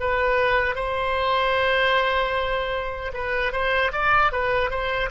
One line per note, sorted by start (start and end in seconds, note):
0.00 0.75 B4
0.75 3.12 C5
3.14 3.52 B4
3.52 3.92 C5
3.93 4.32 D5
4.32 4.70 B4
4.70 5.10 C5